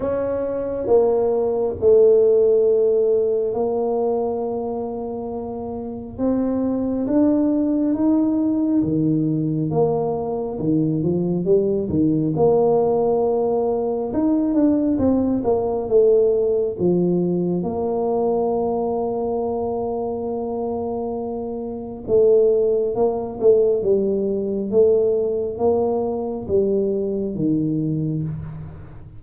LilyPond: \new Staff \with { instrumentName = "tuba" } { \time 4/4 \tempo 4 = 68 cis'4 ais4 a2 | ais2. c'4 | d'4 dis'4 dis4 ais4 | dis8 f8 g8 dis8 ais2 |
dis'8 d'8 c'8 ais8 a4 f4 | ais1~ | ais4 a4 ais8 a8 g4 | a4 ais4 g4 dis4 | }